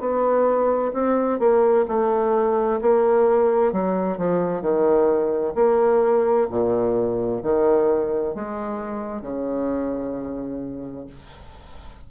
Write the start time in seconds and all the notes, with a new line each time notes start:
0.00 B3
0.93 C4
1.39 A#3
1.88 A3
2.81 A#3
3.73 F#3
4.18 F3
4.62 D#3
5.55 A#3
6.50 A#2
7.43 D#3
8.35 G#3
9.21 C#3